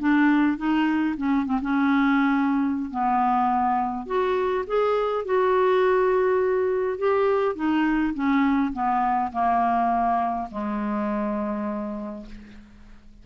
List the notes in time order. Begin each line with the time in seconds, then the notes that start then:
0.00 D4
0.58 D#4
1.17 C#4
1.46 C4
1.62 C#4
2.91 B3
4.07 F#4
4.67 G#4
5.25 F#4
6.98 G4
7.56 D#4
8.14 C#4
8.73 B3
9.33 A#3
10.51 G#3